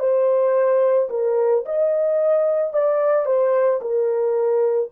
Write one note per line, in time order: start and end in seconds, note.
0.00 1.09 C5
1.10 1.65 A#4
1.66 2.74 D#5
2.74 3.26 D5
3.26 3.80 C5
3.81 4.90 A#4